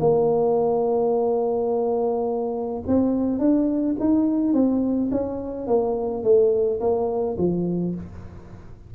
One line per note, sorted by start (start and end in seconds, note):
0.00 2.83 A#3
2.87 3.39 C4
3.39 3.96 D4
4.00 4.54 D#4
4.54 5.10 C4
5.11 5.67 C#4
5.67 6.23 A#3
6.23 6.80 A3
6.80 7.37 A#3
7.38 7.95 F3